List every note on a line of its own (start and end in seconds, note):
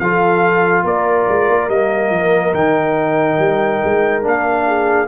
0.00 0.84 F3
0.00 1.70 F4
0.00 0.85 A4
0.00 0.85 F5
0.84 1.26 A#3
0.84 4.65 A#4
0.84 1.70 D5
1.29 1.49 G#3
1.49 1.69 A#3
1.69 2.11 G3
1.69 2.54 A#3
1.69 2.54 D#5
2.11 2.53 F3
2.54 3.38 D#3
2.54 4.22 D#4
2.54 4.23 G5
3.38 3.81 G3
3.84 4.25 G#3
4.22 5.08 A#3
4.22 5.07 D4
4.22 5.08 F5
4.67 5.08 G#4